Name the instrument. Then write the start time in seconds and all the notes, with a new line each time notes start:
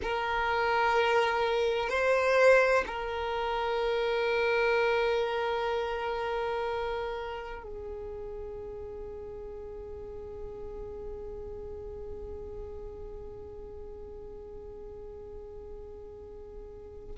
violin
0.02 A#4
1.89 C5
2.86 A#4
7.62 G#4